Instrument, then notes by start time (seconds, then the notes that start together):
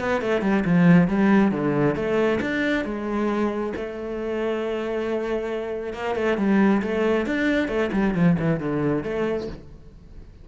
cello
0.00 B3
0.22 A3
0.42 G3
0.65 F3
1.08 G3
1.52 D3
1.96 A3
2.41 D4
2.85 G#3
3.76 A3
5.94 A#3
6.16 A3
6.38 G3
6.82 A3
7.27 D4
7.69 A3
7.93 G3
8.15 F3
8.39 E3
8.60 D3
9.04 A3